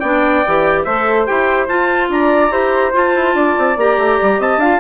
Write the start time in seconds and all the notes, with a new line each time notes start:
0.00 B3 D4 D5 G5
0.47 E3 G4
0.84 A3 A4 C5 E5
1.27 E4 G4 G5
1.68 F4 A5
2.09 D4 D5 A#5
2.51 E4 G4 C5
2.93 F4 A5
3.15 E4
3.34 D4 D5
3.58 C4
3.77 A#3 G4 A#5
3.98 A3
4.22 G3
4.39 C4 D#5 A5
4.57 D4 F4 F5